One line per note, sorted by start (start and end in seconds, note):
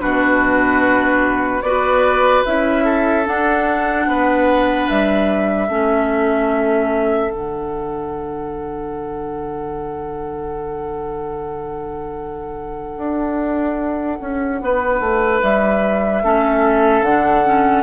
0.00 1.63 B2
0.00 1.62 D4
0.00 1.64 F#4
0.00 1.62 B4
1.62 2.44 B3
1.62 2.46 F#4
1.62 2.85 B4
1.62 2.44 D5
2.46 3.28 C#4
2.46 3.26 E4
2.46 3.27 E5
2.85 4.06 A4
3.26 5.69 D4
3.26 4.07 D4
3.26 4.90 F#5
4.07 4.88 B3
4.07 5.68 B4
4.90 5.69 G3
4.90 7.31 E5
5.68 7.31 A3
5.68 7.30 C#4
5.68 14.60 A4
7.30 12.98 D3
7.30 16.22 D4
7.30 15.42 F#5
12.98 14.19 D4
14.21 14.61 C#4
14.61 15.01 B3
14.61 16.24 B4
15.01 15.41 A3
15.43 16.23 G3
15.43 17.04 E5
16.23 17.02 A3
16.23 17.05 C#4
16.23 17.84 A4
17.02 17.83 D3
17.02 17.45 D4
17.02 17.84 F#5
17.45 17.84 C#4